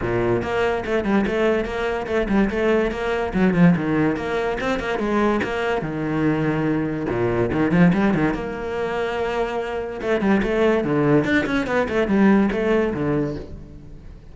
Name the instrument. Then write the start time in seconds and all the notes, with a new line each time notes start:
cello
0.01 A#2
0.42 A#3
0.85 A3
1.04 G3
1.26 A3
1.64 A#3
2.06 A3
2.28 G3
2.50 A3
2.91 A#3
3.33 F#3
3.53 F3
3.76 D#3
4.16 A#3
4.60 C4
4.79 A#3
4.98 G#3
5.43 A#3
5.81 D#3
7.09 A#2
7.52 D#3
7.71 F3
7.93 G3
8.14 D#3
8.34 A#3
10.01 A3
10.20 G3
10.42 A3
10.83 D3
11.24 D4
11.46 C#4
11.66 B3
11.88 A3
12.07 G3
12.52 A3
12.93 D3